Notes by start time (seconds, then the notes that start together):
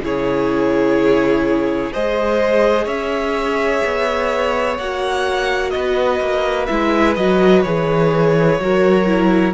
0.00 C#3 E4 G#4 C#5
1.92 G#3 G#4 C5 D#5
2.85 C#4 C#5 E5
3.84 B3
4.78 A#3 F#4 F#5
5.70 B3 B4 D#5
6.20 A#3
6.66 G#3 E4 E5
7.15 F#3 F#4 D#5
7.62 E3 G#4 C#5
8.59 F#3 F#4 A#4
9.06 E4